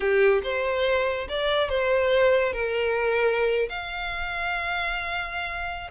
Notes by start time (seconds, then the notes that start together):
0.00 G4
0.43 C5
1.28 D5
1.69 C5
2.52 A#4
3.69 F5